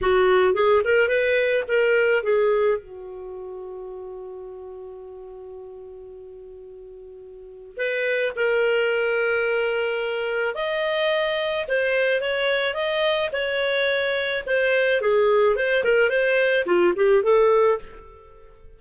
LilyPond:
\new Staff \with { instrumentName = "clarinet" } { \time 4/4 \tempo 4 = 108 fis'4 gis'8 ais'8 b'4 ais'4 | gis'4 fis'2.~ | fis'1~ | fis'2 b'4 ais'4~ |
ais'2. dis''4~ | dis''4 c''4 cis''4 dis''4 | cis''2 c''4 gis'4 | c''8 ais'8 c''4 f'8 g'8 a'4 | }